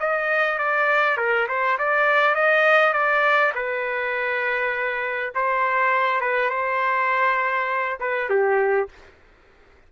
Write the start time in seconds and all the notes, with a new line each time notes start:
0.00 D#5
0.59 D5
1.17 A#4
1.48 C5
1.78 D5
2.35 D#5
2.93 D5
3.55 B4
5.35 C5
6.21 B4
6.50 C5
8.00 B4
8.30 G4